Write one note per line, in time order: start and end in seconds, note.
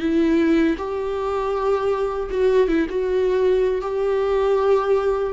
0.00 0.76 E4
0.78 2.30 G4
2.31 2.68 F#4
2.68 2.87 E4
2.90 3.82 F#4
3.82 5.33 G4